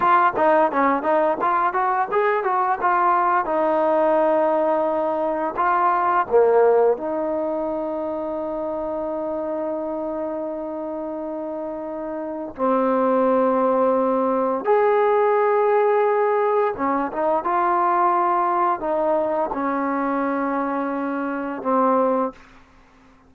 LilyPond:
\new Staff \with { instrumentName = "trombone" } { \time 4/4 \tempo 4 = 86 f'8 dis'8 cis'8 dis'8 f'8 fis'8 gis'8 fis'8 | f'4 dis'2. | f'4 ais4 dis'2~ | dis'1~ |
dis'2 c'2~ | c'4 gis'2. | cis'8 dis'8 f'2 dis'4 | cis'2. c'4 | }